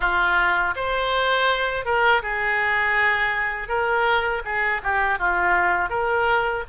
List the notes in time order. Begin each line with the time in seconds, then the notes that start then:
0.00 F4
0.75 C5
1.85 A#4
2.22 G#4
3.68 A#4
4.44 G#4
4.83 G4
5.19 F4
5.89 A#4